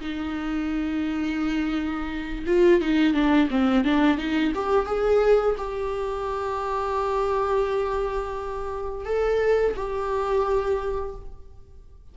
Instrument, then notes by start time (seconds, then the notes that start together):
viola
0.00 D#4
2.46 F4
2.81 D#4
3.14 D4
3.50 C4
3.84 D4
4.17 D#4
4.54 G4
4.86 G#4
5.57 G4
9.05 A4
9.75 G4